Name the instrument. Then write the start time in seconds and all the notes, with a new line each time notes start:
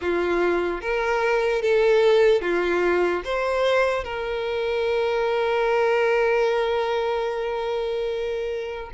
violin
0.01 F4
0.81 A#4
1.62 A4
2.41 F4
3.24 C5
4.04 A#4